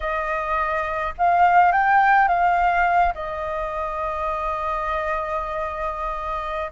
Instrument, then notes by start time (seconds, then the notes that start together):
flute
0.00 D#5
1.17 F5
1.72 G5
2.28 F5
3.14 D#5